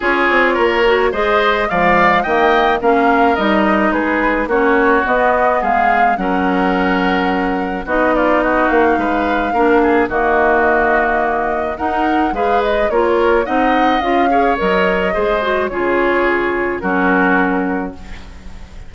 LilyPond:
<<
  \new Staff \with { instrumentName = "flute" } { \time 4/4 \tempo 4 = 107 cis''2 dis''4 f''4 | g''4 f''4 dis''4 b'4 | cis''4 dis''4 f''4 fis''4~ | fis''2 dis''8 d''8 dis''8 f''8~ |
f''2 dis''2~ | dis''4 fis''4 f''8 dis''8 cis''4 | fis''4 f''4 dis''2 | cis''2 ais'2 | }
  \new Staff \with { instrumentName = "oboe" } { \time 4/4 gis'4 ais'4 c''4 d''4 | dis''4 ais'2 gis'4 | fis'2 gis'4 ais'4~ | ais'2 fis'8 f'8 fis'4 |
b'4 ais'8 gis'8 fis'2~ | fis'4 ais'4 b'4 ais'4 | dis''4. cis''4. c''4 | gis'2 fis'2 | }
  \new Staff \with { instrumentName = "clarinet" } { \time 4/4 f'4. fis'8 gis'4 gis4 | ais4 cis'4 dis'2 | cis'4 b2 cis'4~ | cis'2 dis'2~ |
dis'4 d'4 ais2~ | ais4 dis'4 gis'4 f'4 | dis'4 f'8 gis'8 ais'4 gis'8 fis'8 | f'2 cis'2 | }
  \new Staff \with { instrumentName = "bassoon" } { \time 4/4 cis'8 c'8 ais4 gis4 f4 | dis4 ais4 g4 gis4 | ais4 b4 gis4 fis4~ | fis2 b4. ais8 |
gis4 ais4 dis2~ | dis4 dis'4 gis4 ais4 | c'4 cis'4 fis4 gis4 | cis2 fis2 | }
>>